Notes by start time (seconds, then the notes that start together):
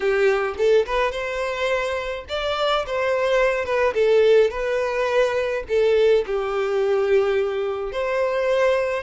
0.00 G4
0.57 A4
0.86 B4
1.11 C5
2.28 D5
2.86 C5
3.65 B4
3.93 A4
4.50 B4
5.68 A4
6.26 G4
7.92 C5